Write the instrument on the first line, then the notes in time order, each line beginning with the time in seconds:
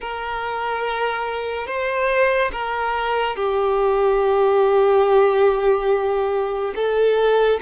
violin
0.00 A#4
1.66 C5
2.52 A#4
3.36 G4
6.75 A4